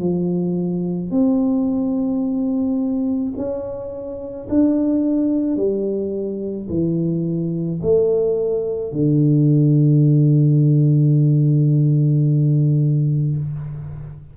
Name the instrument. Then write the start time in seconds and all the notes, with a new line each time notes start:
tuba
0.00 F3
1.11 C4
3.37 C#4
4.49 D4
5.57 G3
6.70 E3
7.82 A3
8.92 D3